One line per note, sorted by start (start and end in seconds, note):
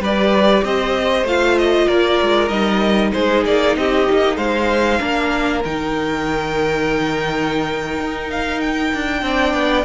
0.00 0.62 G3
0.00 1.28 G4
0.00 0.64 B4
0.00 0.65 D5
0.63 1.24 C4
0.63 1.87 C5
0.63 1.27 D#5
1.24 1.86 A3
1.24 2.50 F4
1.24 1.59 F5
1.59 1.88 D#5
1.87 2.21 A#3
1.87 3.12 A#4
1.87 2.49 D5
2.22 2.50 G#3
2.49 3.13 G3
2.49 4.99 D#4
2.49 3.11 D#5
3.13 3.46 G#3
3.13 3.78 G#4
3.13 3.44 C5
3.46 3.77 A#3
3.46 3.77 D5
3.77 4.08 C4
3.77 4.38 G4
3.77 4.38 D#5
4.12 4.38 A#3
4.38 5.00 G#3
4.38 5.00 C5
4.38 5.62 F5
4.99 5.65 A#3
4.99 5.62 D4
4.99 9.22 A#4
5.65 7.99 D#3
5.65 9.22 D#4
5.65 8.31 G5
8.00 8.94 D#4
8.31 8.61 F5
8.61 9.86 G5
8.94 9.23 D4
9.22 9.54 C4
9.22 9.85 D4
9.22 9.86 D5
9.54 9.85 B3